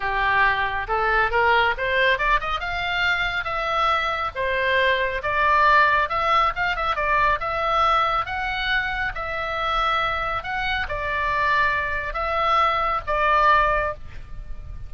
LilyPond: \new Staff \with { instrumentName = "oboe" } { \time 4/4 \tempo 4 = 138 g'2 a'4 ais'4 | c''4 d''8 dis''8 f''2 | e''2 c''2 | d''2 e''4 f''8 e''8 |
d''4 e''2 fis''4~ | fis''4 e''2. | fis''4 d''2. | e''2 d''2 | }